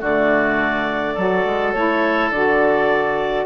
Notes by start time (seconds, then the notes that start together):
0.00 D3 A3 F#4 D5
1.14 F#3 F#4 A4
1.45 G#3
1.73 A3 E4 C#5
2.30 D3 F#4 D5